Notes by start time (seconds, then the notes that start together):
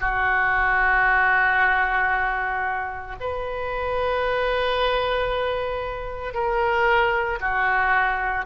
0.00 F#4
3.21 B4
6.34 A#4
7.40 F#4